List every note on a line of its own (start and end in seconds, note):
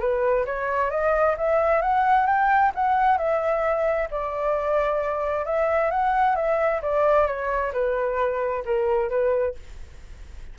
0.00 0.45 B4
0.46 0.90 C#5
0.90 1.36 D#5
1.38 1.82 E5
1.82 2.27 F#5
2.27 2.72 G5
2.75 3.18 F#5
3.18 4.08 E5
4.11 5.46 D5
5.46 5.91 E5
5.91 6.36 F#5
6.36 6.81 E5
6.82 7.27 D5
7.27 7.72 C#5
7.73 8.64 B4
8.65 9.10 A#4
9.10 9.55 B4